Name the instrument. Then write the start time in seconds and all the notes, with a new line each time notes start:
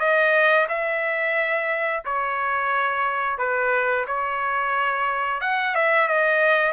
trumpet
0.00 D#5
0.69 E5
2.05 C#5
3.38 B4
4.07 C#5
5.41 F#5
5.75 E5
6.08 D#5